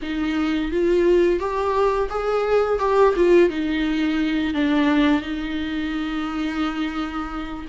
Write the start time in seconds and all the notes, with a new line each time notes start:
0.02 D#4
0.71 F4
1.39 G4
2.09 G#4
2.79 G4
3.16 F4
3.49 D#4
4.54 D4
5.21 D#4